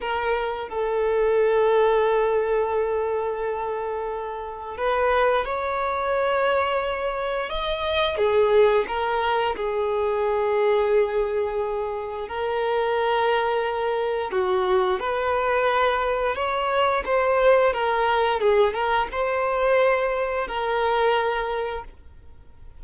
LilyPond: \new Staff \with { instrumentName = "violin" } { \time 4/4 \tempo 4 = 88 ais'4 a'2.~ | a'2. b'4 | cis''2. dis''4 | gis'4 ais'4 gis'2~ |
gis'2 ais'2~ | ais'4 fis'4 b'2 | cis''4 c''4 ais'4 gis'8 ais'8 | c''2 ais'2 | }